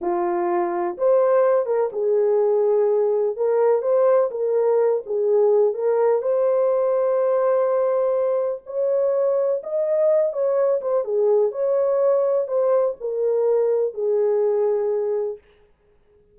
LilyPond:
\new Staff \with { instrumentName = "horn" } { \time 4/4 \tempo 4 = 125 f'2 c''4. ais'8 | gis'2. ais'4 | c''4 ais'4. gis'4. | ais'4 c''2.~ |
c''2 cis''2 | dis''4. cis''4 c''8 gis'4 | cis''2 c''4 ais'4~ | ais'4 gis'2. | }